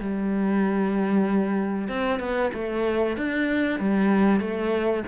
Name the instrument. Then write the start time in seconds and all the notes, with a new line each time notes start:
cello
0.00 G3
1.89 C4
2.20 B3
2.54 A3
3.17 D4
3.80 G3
4.41 A3